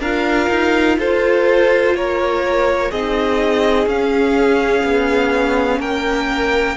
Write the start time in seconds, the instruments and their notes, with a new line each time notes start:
0.00 cello D4, viola F4, violin A#4 F5
0.50 cello D#4
0.98 cello F4, violin A4 C5
1.95 cello A#3, violin A#4 C#5
2.91 cello C4, viola D#4, violin G#4 D#5
3.87 cello C#4, viola C#4, violin F5
4.84 cello B3
5.80 cello A#3, violin A#4 G5